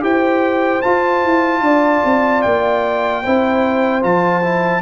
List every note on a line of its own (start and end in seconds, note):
0.00 0.82 E4
0.00 0.80 G4
0.00 1.63 C5
0.00 0.82 G5
0.82 3.23 F4
0.82 1.24 F4
0.82 2.42 A5
1.24 1.61 E4
1.61 2.01 D4
1.61 3.23 D5
2.04 2.44 C4
2.42 3.25 A#3
2.42 4.02 G5
3.23 4.04 C4
3.23 4.02 E4
3.23 4.81 C5
4.02 4.81 F3
4.02 4.42 F4
4.02 4.81 A5
4.43 4.81 E4